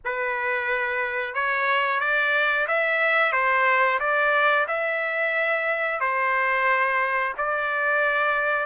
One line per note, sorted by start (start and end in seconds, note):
0.05 1.34 B4
1.34 2.00 C#5
2.00 2.66 D5
2.67 3.32 E5
3.32 3.99 C5
3.99 4.66 D5
4.67 6.00 E5
6.00 7.33 C5
7.37 8.65 D5